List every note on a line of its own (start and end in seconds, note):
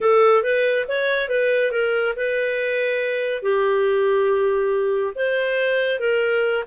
0.00 0.43 A4
0.43 0.86 B4
0.88 1.28 C#5
1.28 1.71 B4
1.71 2.14 A#4
2.16 3.42 B4
3.42 5.13 G4
5.15 5.99 C5
5.99 6.64 A#4